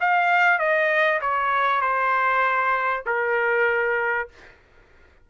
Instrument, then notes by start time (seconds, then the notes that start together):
trumpet
0.00 F5
0.58 D#5
1.21 C#5
1.81 C5
3.06 A#4